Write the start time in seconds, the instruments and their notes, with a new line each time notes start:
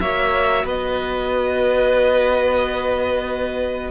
0.00 cello A#3, viola F#4, violin C#5 E5
0.64 cello B3, violin B4 D#5